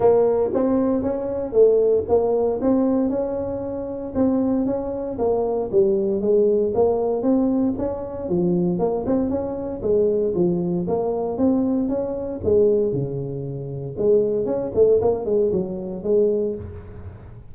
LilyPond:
\new Staff \with { instrumentName = "tuba" } { \time 4/4 \tempo 4 = 116 ais4 c'4 cis'4 a4 | ais4 c'4 cis'2 | c'4 cis'4 ais4 g4 | gis4 ais4 c'4 cis'4 |
f4 ais8 c'8 cis'4 gis4 | f4 ais4 c'4 cis'4 | gis4 cis2 gis4 | cis'8 a8 ais8 gis8 fis4 gis4 | }